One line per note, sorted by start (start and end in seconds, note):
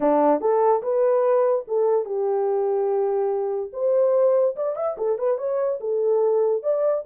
0.00 0.40 D4
0.40 0.82 A4
0.82 1.65 B4
1.67 2.05 A4
2.05 3.70 G4
3.73 4.55 C5
4.56 4.76 D5
4.76 4.96 E5
4.97 5.18 A4
5.18 5.38 B4
5.38 5.79 C#5
5.80 6.62 A4
6.62 7.04 D5